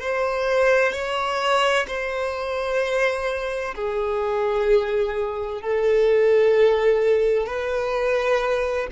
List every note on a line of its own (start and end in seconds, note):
0.00 0.92 C5
0.92 1.86 C#5
1.87 3.75 C5
3.75 5.61 G#4
5.61 7.46 A4
7.46 8.87 B4